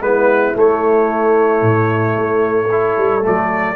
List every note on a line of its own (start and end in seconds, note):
0.00 0.54 G#3
0.00 0.54 B3
0.00 2.69 E4
0.00 0.55 B4
0.54 2.69 A3
0.54 1.61 A3
0.54 3.26 C#5
1.61 2.15 A2
2.17 2.97 A3
2.69 3.21 E4
2.69 3.75 A4
2.97 3.24 G3
3.21 3.74 A3
3.21 3.75 D5
3.27 3.75 F#3